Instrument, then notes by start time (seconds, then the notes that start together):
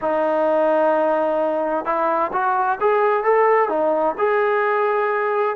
trombone
0.01 D#4
1.85 E4
2.32 F#4
2.80 G#4
3.23 A4
3.68 D#4
4.18 G#4